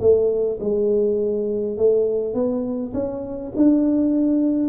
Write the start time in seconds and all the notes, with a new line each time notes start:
0.00 A3
0.60 G#3
1.77 A3
2.34 B3
2.94 C#4
3.56 D4